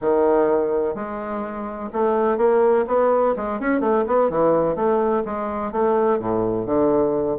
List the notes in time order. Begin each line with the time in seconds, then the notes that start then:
0.01 D#3
0.95 G#3
1.92 A3
2.37 A#3
2.87 B3
3.36 G#3
3.60 C#4
3.80 A3
4.06 B3
4.29 E3
4.75 A3
5.25 G#3
5.72 A3
6.19 A2
6.65 D3